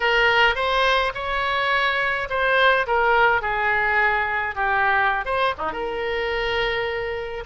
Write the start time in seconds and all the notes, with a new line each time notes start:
0.00 A#4
0.55 C5
1.14 C#5
2.29 C5
2.86 A#4
3.41 G#4
4.55 G4
5.25 C5
5.58 D#4
5.72 A#4